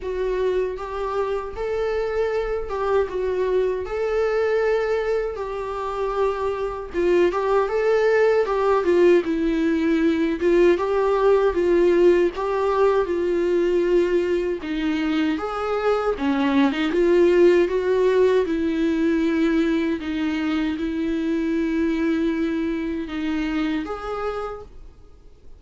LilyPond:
\new Staff \with { instrumentName = "viola" } { \time 4/4 \tempo 4 = 78 fis'4 g'4 a'4. g'8 | fis'4 a'2 g'4~ | g'4 f'8 g'8 a'4 g'8 f'8 | e'4. f'8 g'4 f'4 |
g'4 f'2 dis'4 | gis'4 cis'8. dis'16 f'4 fis'4 | e'2 dis'4 e'4~ | e'2 dis'4 gis'4 | }